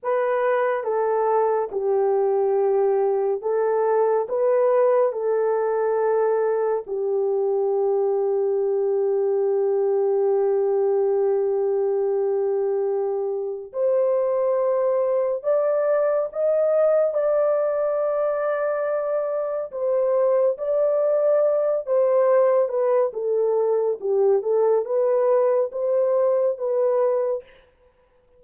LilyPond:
\new Staff \with { instrumentName = "horn" } { \time 4/4 \tempo 4 = 70 b'4 a'4 g'2 | a'4 b'4 a'2 | g'1~ | g'1 |
c''2 d''4 dis''4 | d''2. c''4 | d''4. c''4 b'8 a'4 | g'8 a'8 b'4 c''4 b'4 | }